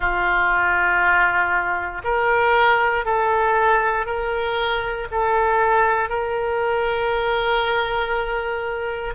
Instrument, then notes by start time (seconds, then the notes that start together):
oboe
0.00 F4
2.03 A#4
3.05 A4
4.05 A#4
5.11 A4
6.09 A#4